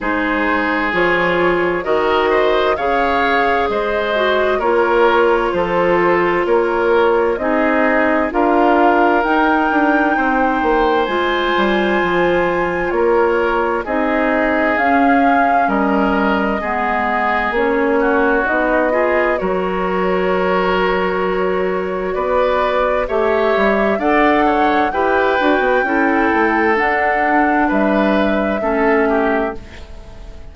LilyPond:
<<
  \new Staff \with { instrumentName = "flute" } { \time 4/4 \tempo 4 = 65 c''4 cis''4 dis''4 f''4 | dis''4 cis''4 c''4 cis''4 | dis''4 f''4 g''2 | gis''2 cis''4 dis''4 |
f''4 dis''2 cis''4 | dis''4 cis''2. | d''4 e''4 fis''4 g''4~ | g''4 fis''4 e''2 | }
  \new Staff \with { instrumentName = "oboe" } { \time 4/4 gis'2 ais'8 c''8 cis''4 | c''4 ais'4 a'4 ais'4 | gis'4 ais'2 c''4~ | c''2 ais'4 gis'4~ |
gis'4 ais'4 gis'4. fis'8~ | fis'8 gis'8 ais'2. | b'4 cis''4 d''8 cis''8 b'4 | a'2 b'4 a'8 g'8 | }
  \new Staff \with { instrumentName = "clarinet" } { \time 4/4 dis'4 f'4 fis'4 gis'4~ | gis'8 fis'8 f'2. | dis'4 f'4 dis'2 | f'2. dis'4 |
cis'2 b4 cis'4 | dis'8 f'8 fis'2.~ | fis'4 g'4 a'4 g'8 fis'8 | e'4 d'2 cis'4 | }
  \new Staff \with { instrumentName = "bassoon" } { \time 4/4 gis4 f4 dis4 cis4 | gis4 ais4 f4 ais4 | c'4 d'4 dis'8 d'8 c'8 ais8 | gis8 g8 f4 ais4 c'4 |
cis'4 g4 gis4 ais4 | b4 fis2. | b4 a8 g8 d'4 e'8 d'16 b16 | cis'8 a8 d'4 g4 a4 | }
>>